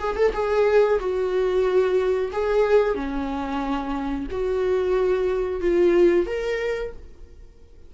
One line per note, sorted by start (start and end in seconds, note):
0.00 0.16 G#4
0.16 0.33 A4
0.33 0.99 G#4
1.00 2.32 F#4
2.33 2.95 G#4
2.95 4.27 C#4
4.31 5.61 F#4
5.61 6.27 F4
6.27 6.93 A#4